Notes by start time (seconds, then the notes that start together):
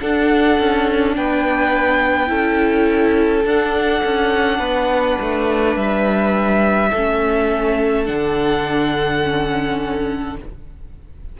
0.00 D4 A4 F#5
0.60 C#4
1.16 B3 B4 G5
2.28 C#4 E4 A4
3.45 D4 F#5
4.05 C#4
4.59 B3 B4
5.22 A3
5.76 G3 E5
6.91 A3 C#4 A4
8.06 D3 D4 F#5
9.24 C#4